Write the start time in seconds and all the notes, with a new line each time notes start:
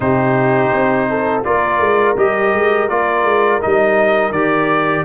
0.00 C3 D#4 G4 C5
0.72 C4
1.09 A4
1.44 A#3 F4 A#4 D5
1.79 G#3
2.17 G3 G4 D#5
2.53 G#3
2.88 A#3 F4 D5
3.23 G#3
3.60 G3 D#4 D#5
4.30 D#3 G4 D5